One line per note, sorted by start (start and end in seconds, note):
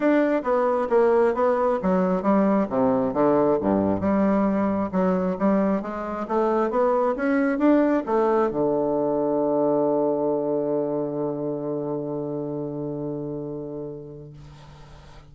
0.00 0.42 D4
0.43 0.88 B3
0.89 1.34 A#3
1.34 1.79 B3
1.82 2.22 F#3
2.22 2.67 G3
2.69 3.13 C3
3.13 3.58 D3
3.61 4.00 G2
4.00 4.90 G3
4.92 5.36 F#3
5.38 5.81 G3
5.81 6.26 G#3
6.27 6.70 A3
6.70 7.15 B3
7.16 7.58 C#4
7.58 8.03 D4
8.06 8.50 A3
8.50 14.32 D3